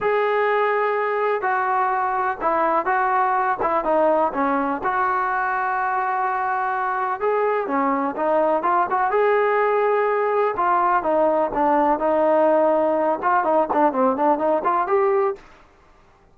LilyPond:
\new Staff \with { instrumentName = "trombone" } { \time 4/4 \tempo 4 = 125 gis'2. fis'4~ | fis'4 e'4 fis'4. e'8 | dis'4 cis'4 fis'2~ | fis'2. gis'4 |
cis'4 dis'4 f'8 fis'8 gis'4~ | gis'2 f'4 dis'4 | d'4 dis'2~ dis'8 f'8 | dis'8 d'8 c'8 d'8 dis'8 f'8 g'4 | }